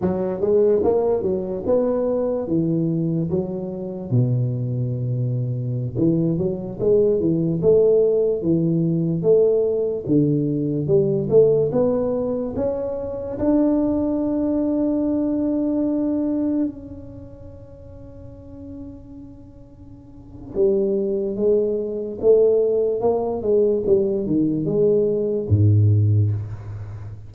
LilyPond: \new Staff \with { instrumentName = "tuba" } { \time 4/4 \tempo 4 = 73 fis8 gis8 ais8 fis8 b4 e4 | fis4 b,2~ b,16 e8 fis16~ | fis16 gis8 e8 a4 e4 a8.~ | a16 d4 g8 a8 b4 cis'8.~ |
cis'16 d'2.~ d'8.~ | d'16 cis'2.~ cis'8.~ | cis'4 g4 gis4 a4 | ais8 gis8 g8 dis8 gis4 gis,4 | }